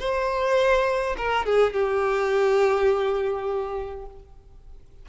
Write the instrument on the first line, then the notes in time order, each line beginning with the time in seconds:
violin
0.00 C5
1.17 A#4
1.46 G#4
1.73 G4